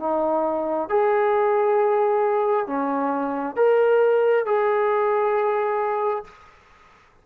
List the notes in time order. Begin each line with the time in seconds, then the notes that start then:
0.00 D#4
0.90 G#4
2.67 C#4
3.57 A#4
4.46 G#4